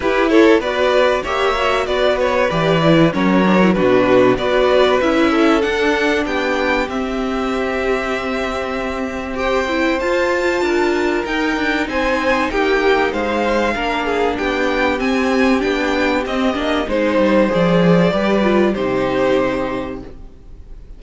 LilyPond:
<<
  \new Staff \with { instrumentName = "violin" } { \time 4/4 \tempo 4 = 96 b'8 cis''8 d''4 e''4 d''8 cis''8 | d''4 cis''4 b'4 d''4 | e''4 fis''4 g''4 e''4~ | e''2. g''4 |
a''2 g''4 gis''4 | g''4 f''2 g''4 | gis''4 g''4 dis''4 c''4 | d''2 c''2 | }
  \new Staff \with { instrumentName = "violin" } { \time 4/4 g'8 a'8 b'4 cis''4 b'4~ | b'4 ais'4 fis'4 b'4~ | b'8 a'4. g'2~ | g'2. c''4~ |
c''4 ais'2 c''4 | g'4 c''4 ais'8 gis'8 g'4~ | g'2. c''4~ | c''4 b'4 g'2 | }
  \new Staff \with { instrumentName = "viola" } { \time 4/4 e'4 fis'4 g'8 fis'4. | g'8 e'8 cis'8 d'16 e'16 d'4 fis'4 | e'4 d'2 c'4~ | c'2. g'8 e'8 |
f'2 dis'2~ | dis'2 d'2 | c'4 d'4 c'8 d'8 dis'4 | gis'4 g'8 f'8 dis'2 | }
  \new Staff \with { instrumentName = "cello" } { \time 4/4 e'4 b4 ais4 b4 | e4 fis4 b,4 b4 | cis'4 d'4 b4 c'4~ | c'1 |
f'4 d'4 dis'8 d'8 c'4 | ais4 gis4 ais4 b4 | c'4 b4 c'8 ais8 gis8 g8 | f4 g4 c2 | }
>>